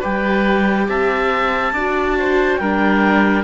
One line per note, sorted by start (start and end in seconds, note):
0.00 0.89 G3
0.00 1.74 G4
0.00 0.86 B4
0.00 0.89 G5
0.89 1.73 C4
0.89 1.74 E5
0.89 2.57 A5
1.73 2.59 D4
1.73 2.63 F#4
1.73 2.17 D5
2.19 2.61 C5
2.57 3.44 G3
2.57 3.44 D4
2.57 3.44 A#4
2.57 3.43 G5